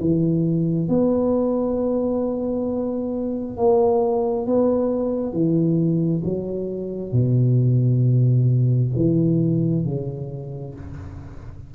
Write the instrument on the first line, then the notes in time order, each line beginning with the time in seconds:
tuba
0.00 E3
0.89 B3
3.57 A#3
4.47 B3
5.33 E3
6.24 F#3
7.12 B2
8.96 E3
9.85 C#3